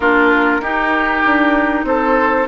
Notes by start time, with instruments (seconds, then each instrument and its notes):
0.00 bassoon A#3, clarinet D4, oboe F4, flute A#4
0.60 bassoon D#4, clarinet D#4, oboe G4
1.25 bassoon D4
1.84 bassoon C4, oboe A4, flute C5